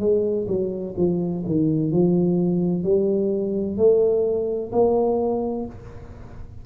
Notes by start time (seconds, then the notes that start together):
0.00 G#3
0.48 F#3
0.97 F3
1.46 D#3
1.92 F3
2.84 G3
3.78 A3
4.72 A#3